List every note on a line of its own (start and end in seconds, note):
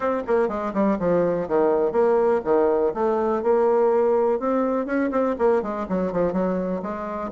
0.00 0.22 C4
0.27 0.48 A#3
0.48 0.73 G#3
0.73 0.98 G3
0.99 1.48 F3
1.48 1.92 D#3
1.92 2.41 A#3
2.44 2.93 D#3
2.94 3.42 A3
3.43 4.39 A#3
4.39 4.86 C4
4.86 5.10 C#4
5.11 5.35 C4
5.38 5.62 A#3
5.62 5.86 G#3
5.88 6.12 F#3
6.12 6.32 F3
6.32 6.81 F#3
6.82 7.31 G#3